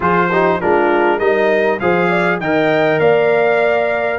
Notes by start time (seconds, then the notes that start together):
0.00 F3 F4 G#4 C5
0.31 D#4 G4
0.60 G#3 D4 F4 A#4
1.19 G3 D#4 A#4 D#5
1.79 F3 G#4 C5 F5
2.08 D5
2.40 D#3 A#4 D#5 G5
2.99 A#3 D5 F5